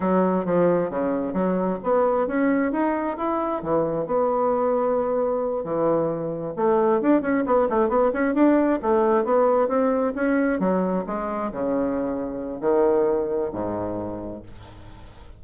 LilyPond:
\new Staff \with { instrumentName = "bassoon" } { \time 4/4 \tempo 4 = 133 fis4 f4 cis4 fis4 | b4 cis'4 dis'4 e'4 | e4 b2.~ | b8 e2 a4 d'8 |
cis'8 b8 a8 b8 cis'8 d'4 a8~ | a8 b4 c'4 cis'4 fis8~ | fis8 gis4 cis2~ cis8 | dis2 gis,2 | }